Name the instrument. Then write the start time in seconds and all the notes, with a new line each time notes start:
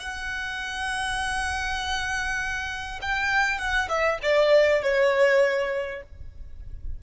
violin
0.00 F#5
3.02 G5
3.59 F#5
3.89 E5
4.23 D5
4.83 C#5